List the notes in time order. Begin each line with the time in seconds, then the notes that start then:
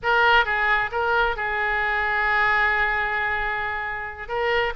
0.02 A#4
0.45 G#4
0.91 A#4
1.36 G#4
4.28 A#4